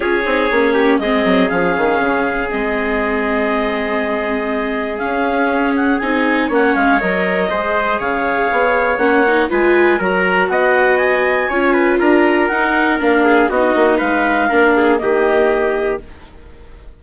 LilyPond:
<<
  \new Staff \with { instrumentName = "clarinet" } { \time 4/4 \tempo 4 = 120 cis''2 dis''4 f''4~ | f''4 dis''2.~ | dis''2 f''4. fis''8 | gis''4 fis''8 f''8 dis''2 |
f''2 fis''4 gis''4 | ais''4 fis''4 gis''2 | ais''4 fis''4 f''4 dis''4 | f''2 dis''2 | }
  \new Staff \with { instrumentName = "trumpet" } { \time 4/4 gis'4. g'8 gis'2~ | gis'1~ | gis'1~ | gis'4 cis''2 c''4 |
cis''2. b'4 | ais'4 dis''2 cis''8 b'8 | ais'2~ ais'8 gis'8 fis'4 | b'4 ais'8 gis'8 g'2 | }
  \new Staff \with { instrumentName = "viola" } { \time 4/4 f'8 dis'8 cis'4 c'4 cis'4~ | cis'4 c'2.~ | c'2 cis'2 | dis'4 cis'4 ais'4 gis'4~ |
gis'2 cis'8 dis'8 f'4 | fis'2. f'4~ | f'4 dis'4 d'4 dis'4~ | dis'4 d'4 ais2 | }
  \new Staff \with { instrumentName = "bassoon" } { \time 4/4 cis'8 c'8 ais4 gis8 fis8 f8 dis8 | cis4 gis2.~ | gis2 cis'2 | c'4 ais8 gis8 fis4 gis4 |
cis4 b4 ais4 gis4 | fis4 b2 cis'4 | d'4 dis'4 ais4 b8 ais8 | gis4 ais4 dis2 | }
>>